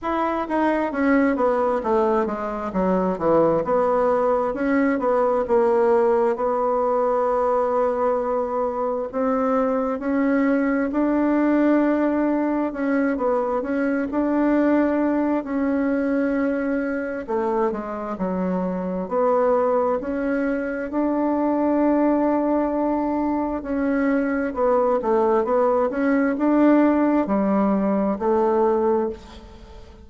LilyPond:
\new Staff \with { instrumentName = "bassoon" } { \time 4/4 \tempo 4 = 66 e'8 dis'8 cis'8 b8 a8 gis8 fis8 e8 | b4 cis'8 b8 ais4 b4~ | b2 c'4 cis'4 | d'2 cis'8 b8 cis'8 d'8~ |
d'4 cis'2 a8 gis8 | fis4 b4 cis'4 d'4~ | d'2 cis'4 b8 a8 | b8 cis'8 d'4 g4 a4 | }